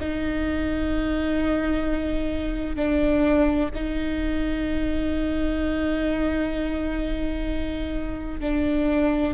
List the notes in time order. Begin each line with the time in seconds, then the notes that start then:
0.00 D#4
2.75 D4
3.74 D#4
8.40 D4